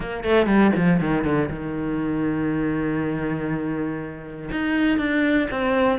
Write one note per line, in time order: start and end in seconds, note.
0.00 0.23 A#3
0.23 0.46 A3
0.46 0.71 G3
0.75 1.00 F3
1.00 1.24 D#3
1.24 1.49 D3
1.50 4.50 D#3
4.51 4.98 D#4
4.98 5.48 D4
5.50 5.99 C4